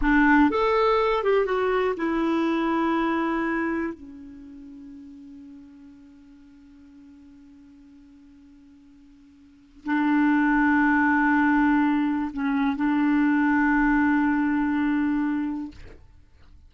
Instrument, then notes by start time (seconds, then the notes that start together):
clarinet
0.01 D4
0.50 A4
1.23 G4
1.45 F#4
1.96 E4
3.93 C#4
9.85 D4
12.33 C#4
12.76 D4